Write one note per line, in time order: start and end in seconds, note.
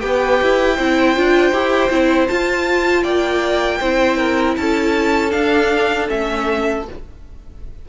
0.00 0.41 B3
0.00 0.76 G4
0.00 0.76 B4
0.00 2.28 G5
0.42 0.79 E4
0.76 1.17 C4
0.76 1.16 E4
0.76 3.03 C5
1.16 1.52 D4
1.16 1.52 F4
1.52 1.90 E4
1.52 1.90 G4
1.90 2.28 C4
1.90 2.28 E4
2.28 3.80 F4
2.28 3.04 F4
2.28 3.03 A5
3.03 3.80 A#3
3.03 3.79 D5
3.03 4.55 G5
3.80 4.57 C4
3.80 5.30 E4
3.80 4.18 C5
4.18 4.56 A#4
4.57 5.33 C#4
4.57 6.89 A4
4.57 5.31 A5
5.30 6.06 D4
5.30 6.09 D4
5.30 6.07 F5
6.08 6.88 A3
6.08 6.84 C#4
6.08 6.86 E5